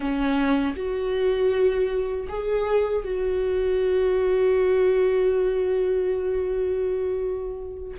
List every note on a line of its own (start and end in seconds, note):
0.00 0.75 C#4
0.76 2.28 F#4
2.28 3.04 G#4
3.04 7.98 F#4